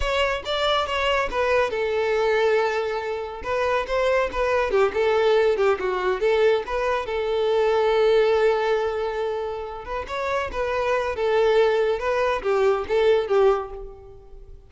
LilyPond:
\new Staff \with { instrumentName = "violin" } { \time 4/4 \tempo 4 = 140 cis''4 d''4 cis''4 b'4 | a'1 | b'4 c''4 b'4 g'8 a'8~ | a'4 g'8 fis'4 a'4 b'8~ |
b'8 a'2.~ a'8~ | a'2. b'8 cis''8~ | cis''8 b'4. a'2 | b'4 g'4 a'4 g'4 | }